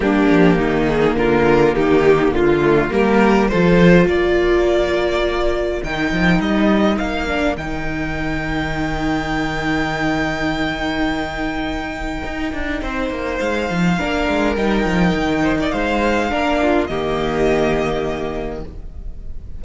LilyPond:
<<
  \new Staff \with { instrumentName = "violin" } { \time 4/4 \tempo 4 = 103 g'4. gis'8 ais'4 g'4 | f'4 ais'4 c''4 d''4~ | d''2 g''4 dis''4 | f''4 g''2.~ |
g''1~ | g''2. f''4~ | f''4 g''2 f''4~ | f''4 dis''2. | }
  \new Staff \with { instrumentName = "violin" } { \time 4/4 d'4 dis'4 f'4 dis'4 | f'4 g'4 a'4 ais'4~ | ais'1~ | ais'1~ |
ais'1~ | ais'2 c''2 | ais'2~ ais'8 c''16 d''16 c''4 | ais'8 f'8 g'2. | }
  \new Staff \with { instrumentName = "viola" } { \time 4/4 ais1~ | ais8 a8 ais4 f'2~ | f'2 dis'2~ | dis'8 d'8 dis'2.~ |
dis'1~ | dis'1 | d'4 dis'2. | d'4 ais2. | }
  \new Staff \with { instrumentName = "cello" } { \time 4/4 g8 f8 dis4 d4 dis4 | d4 g4 f4 ais4~ | ais2 dis8 f8 g4 | ais4 dis2.~ |
dis1~ | dis4 dis'8 d'8 c'8 ais8 gis8 f8 | ais8 gis8 g8 f8 dis4 gis4 | ais4 dis2. | }
>>